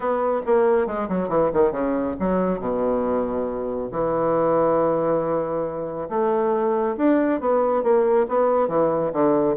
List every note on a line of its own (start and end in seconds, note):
0.00 0.41 B3
0.46 0.86 A#3
0.86 1.08 G#3
1.08 1.28 F#3
1.28 1.50 E3
1.53 1.71 D#3
1.71 2.15 C#3
2.19 2.59 F#3
2.59 3.90 B2
3.91 6.08 E3
6.09 6.96 A3
6.97 7.40 D4
7.40 7.83 B3
7.83 8.26 A#3
8.28 8.68 B3
8.68 9.11 E3
9.12 9.56 D3